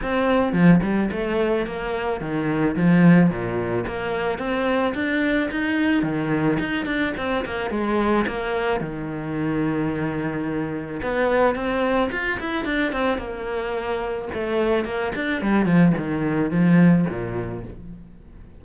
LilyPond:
\new Staff \with { instrumentName = "cello" } { \time 4/4 \tempo 4 = 109 c'4 f8 g8 a4 ais4 | dis4 f4 ais,4 ais4 | c'4 d'4 dis'4 dis4 | dis'8 d'8 c'8 ais8 gis4 ais4 |
dis1 | b4 c'4 f'8 e'8 d'8 c'8 | ais2 a4 ais8 d'8 | g8 f8 dis4 f4 ais,4 | }